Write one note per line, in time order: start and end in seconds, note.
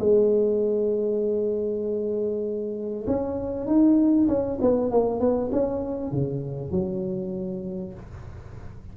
0.00 3.06 G#3
3.07 3.67 C#4
3.67 4.28 D#4
4.29 4.59 C#4
4.61 4.91 B3
4.91 5.20 A#3
5.20 5.51 B3
5.52 6.12 C#4
6.12 6.72 C#3
6.72 7.94 F#3